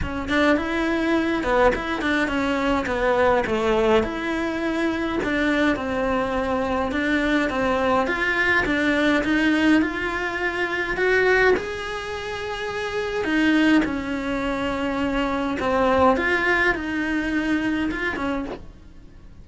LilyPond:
\new Staff \with { instrumentName = "cello" } { \time 4/4 \tempo 4 = 104 cis'8 d'8 e'4. b8 e'8 d'8 | cis'4 b4 a4 e'4~ | e'4 d'4 c'2 | d'4 c'4 f'4 d'4 |
dis'4 f'2 fis'4 | gis'2. dis'4 | cis'2. c'4 | f'4 dis'2 f'8 cis'8 | }